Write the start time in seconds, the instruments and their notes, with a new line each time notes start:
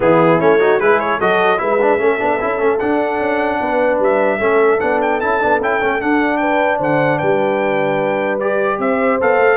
0.00 tuba E3, trombone B3, horn E4, trumpet G#4
0.39 tuba A3, trombone C#4, trumpet C#5
0.60 trombone D#4, horn F#4
0.79 tuba G#3, trombone E4, horn G#4, trumpet B4
0.99 trumpet C#5
1.19 tuba F#3, trombone F#4, horn A4, trumpet D#5
1.57 tuba G#3, trombone E4, horn B4, trumpet E5
1.81 trombone D4
1.98 tuba A3, trombone C#4, horn A4
2.18 tuba B3, trombone D4
2.40 tuba C#4, trombone E4
2.58 tuba A3, trombone C#4
2.79 trombone D4, tuba D4, trumpet F#5
3.19 tuba C#4
3.60 tuba B3, horn B4
3.99 tuba G3, trumpet E5
4.38 tuba A3, trombone C#4, horn A4
4.79 tuba B3, trombone D4, trumpet F#5
5.01 trumpet G5
5.20 tuba C#4, trombone E4, trumpet A5
5.40 tuba B3, trombone D4
5.61 tuba C#4, trombone E4, trumpet G5
5.80 tuba A3, trombone C#4
6.00 trombone D4, tuba D4, trumpet F#5
6.37 horn B4, trumpet G5
6.78 tuba D3, horn C5, trumpet F#5
7.17 tuba G3, horn B4, trumpet G5
8.39 trombone G4, trumpet D5
8.78 tuba C4, horn C5, trumpet E5
9.20 tuba B3, trombone A4, trumpet F5
9.39 tuba A3